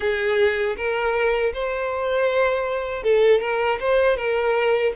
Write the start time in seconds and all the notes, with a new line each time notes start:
0.00 G#4
0.76 A#4
1.53 C5
3.03 A4
3.40 A#4
3.80 C5
4.16 A#4